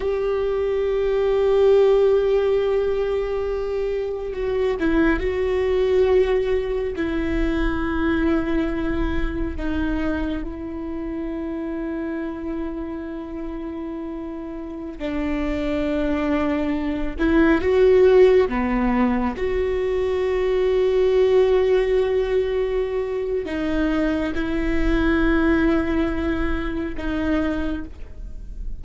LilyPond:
\new Staff \with { instrumentName = "viola" } { \time 4/4 \tempo 4 = 69 g'1~ | g'4 fis'8 e'8 fis'2 | e'2. dis'4 | e'1~ |
e'4~ e'16 d'2~ d'8 e'16~ | e'16 fis'4 b4 fis'4.~ fis'16~ | fis'2. dis'4 | e'2. dis'4 | }